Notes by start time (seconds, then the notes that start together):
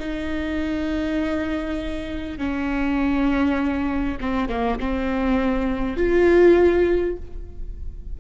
0.00 D#4
2.39 C#4
4.21 C4
4.49 A#3
4.80 C4
5.97 F4